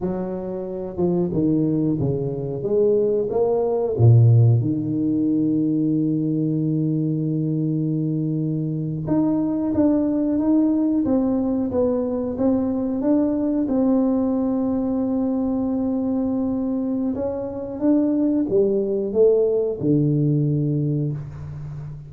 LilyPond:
\new Staff \with { instrumentName = "tuba" } { \time 4/4 \tempo 4 = 91 fis4. f8 dis4 cis4 | gis4 ais4 ais,4 dis4~ | dis1~ | dis4.~ dis16 dis'4 d'4 dis'16~ |
dis'8. c'4 b4 c'4 d'16~ | d'8. c'2.~ c'16~ | c'2 cis'4 d'4 | g4 a4 d2 | }